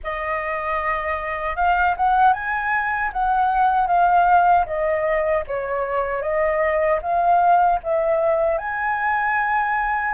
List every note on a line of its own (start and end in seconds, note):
0.03 1.56 D#5
1.56 1.95 F5
1.97 2.33 F#5
2.33 3.11 G#5
3.12 3.87 F#5
3.87 4.65 F5
4.66 5.44 D#5
5.47 6.21 C#5
6.21 7.00 D#5
7.01 7.79 F5
7.83 8.58 E5
8.58 10.13 G#5